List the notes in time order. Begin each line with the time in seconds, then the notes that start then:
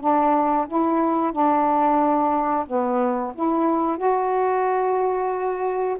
0.00 D4
0.67 E4
1.32 D4
2.66 B3
3.34 E4
3.97 F#4